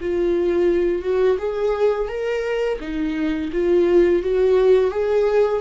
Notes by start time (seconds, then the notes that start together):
0.00 F4
1.02 F#4
1.38 G#4
2.08 A#4
2.80 D#4
3.52 F4
4.22 F#4
4.91 G#4